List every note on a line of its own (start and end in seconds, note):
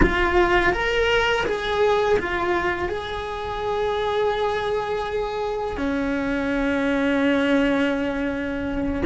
0.02 0.73 F4
0.73 1.45 A#4
1.46 2.18 G#4
2.18 2.88 F4
2.88 5.77 G#4
5.77 9.02 C#4